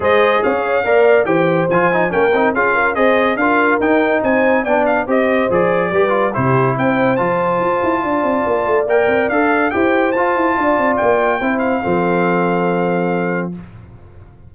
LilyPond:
<<
  \new Staff \with { instrumentName = "trumpet" } { \time 4/4 \tempo 4 = 142 dis''4 f''2 g''4 | gis''4 g''4 f''4 dis''4 | f''4 g''4 gis''4 g''8 f''8 | dis''4 d''2 c''4 |
g''4 a''2.~ | a''4 g''4 f''4 g''4 | a''2 g''4. f''8~ | f''1 | }
  \new Staff \with { instrumentName = "horn" } { \time 4/4 c''4 cis''4 d''4 c''4~ | c''4 ais'4 gis'8 ais'8 c''4 | ais'2 c''4 d''4 | c''2 b'4 g'4 |
c''2. d''4~ | d''2. c''4~ | c''4 d''2 c''4 | a'1 | }
  \new Staff \with { instrumentName = "trombone" } { \time 4/4 gis'2 ais'4 g'4 | f'8 dis'8 cis'8 dis'8 f'4 gis'4 | f'4 dis'2 d'4 | g'4 gis'4 g'8 f'8 e'4~ |
e'4 f'2.~ | f'4 ais'4 a'4 g'4 | f'2. e'4 | c'1 | }
  \new Staff \with { instrumentName = "tuba" } { \time 4/4 gis4 cis'4 ais4 e4 | f4 ais8 c'8 cis'4 c'4 | d'4 dis'4 c'4 b4 | c'4 f4 g4 c4 |
c'4 f4 f'8 e'8 d'8 c'8 | ais8 a8 ais8 c'8 d'4 e'4 | f'8 e'8 d'8 c'8 ais4 c'4 | f1 | }
>>